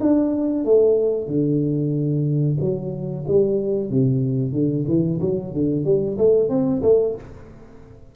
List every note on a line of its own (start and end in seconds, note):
0.00 0.65 D4
0.65 1.27 A3
1.27 2.57 D3
2.60 3.25 F#3
3.27 3.90 G3
3.90 4.52 C3
4.52 4.85 D3
4.87 5.20 E3
5.21 5.53 F#3
5.53 5.85 D3
5.85 6.17 G3
6.17 6.49 A3
6.49 6.82 C4
6.82 7.15 A3